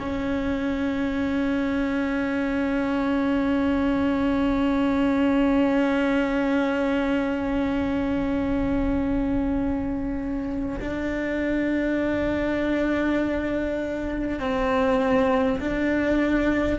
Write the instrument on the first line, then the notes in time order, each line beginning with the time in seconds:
cello
0.00 C#4
10.81 D4
14.40 C4
15.61 D4